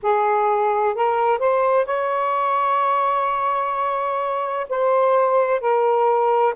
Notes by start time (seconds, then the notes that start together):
0.02 G#4
0.94 A#4
1.38 C5
1.85 C#5
4.69 C5
5.60 A#4